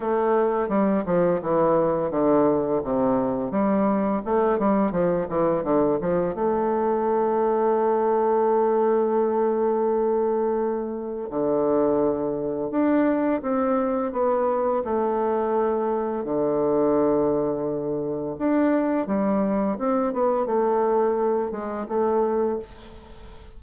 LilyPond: \new Staff \with { instrumentName = "bassoon" } { \time 4/4 \tempo 4 = 85 a4 g8 f8 e4 d4 | c4 g4 a8 g8 f8 e8 | d8 f8 a2.~ | a1 |
d2 d'4 c'4 | b4 a2 d4~ | d2 d'4 g4 | c'8 b8 a4. gis8 a4 | }